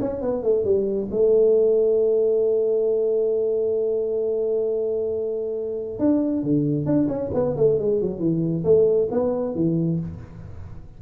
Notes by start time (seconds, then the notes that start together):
0.00 C#4
0.21 B3
0.43 A3
0.64 G3
1.11 A3
5.99 D4
6.43 D3
6.86 D4
7.08 C#4
7.34 B3
7.57 A3
7.79 G#3
8.01 F#3
8.19 E3
8.64 A3
9.11 B3
9.55 E3